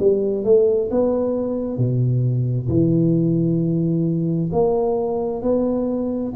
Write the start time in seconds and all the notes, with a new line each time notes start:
0.00 G3
0.45 A3
0.91 B3
1.78 B2
2.69 E3
4.52 A#3
5.43 B3